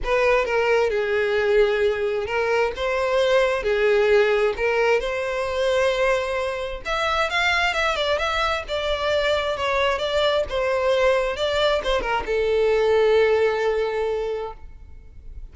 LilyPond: \new Staff \with { instrumentName = "violin" } { \time 4/4 \tempo 4 = 132 b'4 ais'4 gis'2~ | gis'4 ais'4 c''2 | gis'2 ais'4 c''4~ | c''2. e''4 |
f''4 e''8 d''8 e''4 d''4~ | d''4 cis''4 d''4 c''4~ | c''4 d''4 c''8 ais'8 a'4~ | a'1 | }